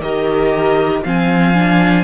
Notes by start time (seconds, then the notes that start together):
0.00 D#3 G4 A#4 D#5
1.04 F3 C4 F5 G#5
1.55 D4